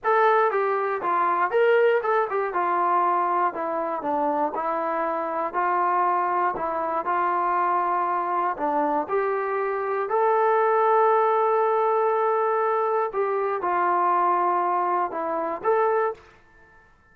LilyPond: \new Staff \with { instrumentName = "trombone" } { \time 4/4 \tempo 4 = 119 a'4 g'4 f'4 ais'4 | a'8 g'8 f'2 e'4 | d'4 e'2 f'4~ | f'4 e'4 f'2~ |
f'4 d'4 g'2 | a'1~ | a'2 g'4 f'4~ | f'2 e'4 a'4 | }